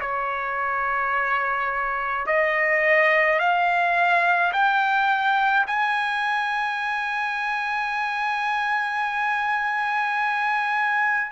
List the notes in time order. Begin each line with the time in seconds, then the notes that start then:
0.00 C#5
2.26 D#5
3.39 F5
4.52 G5
5.67 G#5